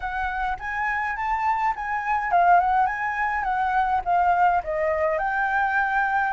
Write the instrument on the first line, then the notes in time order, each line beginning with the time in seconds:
flute
0.00 F#5
0.59 G#5
1.16 A5
1.75 G#5
2.31 F5
2.60 F#5
2.86 G#5
3.43 F#5
4.04 F5
4.63 D#5
5.18 G5